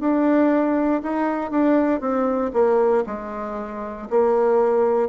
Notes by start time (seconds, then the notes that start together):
0.00 D4
1.03 D#4
1.51 D4
2.00 C4
2.53 A#3
3.06 G#3
4.10 A#3